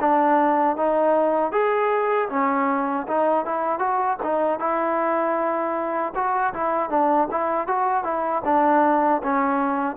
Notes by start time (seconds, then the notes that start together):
0.00 D4
0.77 D#4
1.52 G#4
2.29 C#4
3.07 D#4
3.45 E4
3.79 F#4
4.23 D#4
4.59 E4
6.15 F#4
6.54 E4
6.90 D4
7.31 E4
7.67 F#4
8.03 E4
8.44 D4
9.23 C#4